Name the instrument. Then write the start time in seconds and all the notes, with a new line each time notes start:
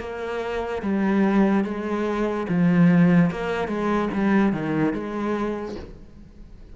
cello
0.00 A#3
0.83 G3
1.64 G#3
2.49 F3
3.31 A#3
3.68 G#3
4.14 G3
4.52 D#3
4.94 G#3